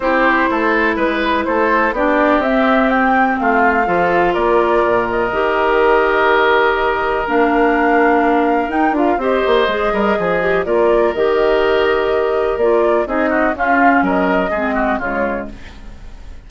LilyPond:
<<
  \new Staff \with { instrumentName = "flute" } { \time 4/4 \tempo 4 = 124 c''2 b'4 c''4 | d''4 e''4 g''4 f''4~ | f''4 d''4. dis''4.~ | dis''2. f''4~ |
f''2 g''8 f''8 dis''4~ | dis''2 d''4 dis''4~ | dis''2 d''4 dis''4 | f''4 dis''2 cis''4 | }
  \new Staff \with { instrumentName = "oboe" } { \time 4/4 g'4 a'4 b'4 a'4 | g'2. f'4 | a'4 ais'2.~ | ais'1~ |
ais'2. c''4~ | c''8 ais'8 gis'4 ais'2~ | ais'2. gis'8 fis'8 | f'4 ais'4 gis'8 fis'8 f'4 | }
  \new Staff \with { instrumentName = "clarinet" } { \time 4/4 e'1 | d'4 c'2. | f'2. g'4~ | g'2. d'4~ |
d'2 dis'8 f'8 g'4 | gis'4. g'8 f'4 g'4~ | g'2 f'4 dis'4 | cis'2 c'4 gis4 | }
  \new Staff \with { instrumentName = "bassoon" } { \time 4/4 c'4 a4 gis4 a4 | b4 c'2 a4 | f4 ais4 ais,4 dis4~ | dis2. ais4~ |
ais2 dis'8 d'8 c'8 ais8 | gis8 g8 f4 ais4 dis4~ | dis2 ais4 c'4 | cis'4 fis4 gis4 cis4 | }
>>